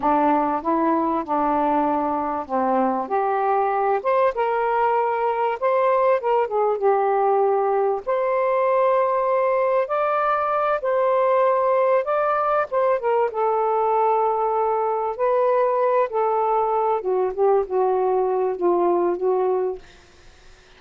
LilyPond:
\new Staff \with { instrumentName = "saxophone" } { \time 4/4 \tempo 4 = 97 d'4 e'4 d'2 | c'4 g'4. c''8 ais'4~ | ais'4 c''4 ais'8 gis'8 g'4~ | g'4 c''2. |
d''4. c''2 d''8~ | d''8 c''8 ais'8 a'2~ a'8~ | a'8 b'4. a'4. fis'8 | g'8 fis'4. f'4 fis'4 | }